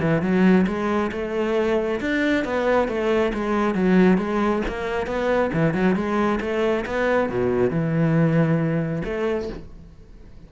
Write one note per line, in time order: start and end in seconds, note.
0.00 0.21 E3
0.21 0.66 F#3
0.67 1.11 G#3
1.12 2.00 A3
2.01 2.44 D4
2.44 2.88 B3
2.88 3.32 A3
3.33 3.74 G#3
3.74 4.18 F#3
4.18 4.62 G#3
4.68 5.06 A#3
5.06 5.50 B3
5.53 5.74 E3
5.74 5.95 F#3
5.95 6.39 G#3
6.41 6.85 A3
6.86 7.29 B3
7.29 7.70 B2
7.70 9.02 E3
9.05 9.49 A3